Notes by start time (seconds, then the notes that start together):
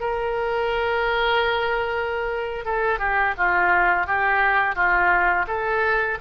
0.00 A#4
2.65 A4
2.99 G4
3.37 F4
4.06 G4
4.75 F4
5.47 A4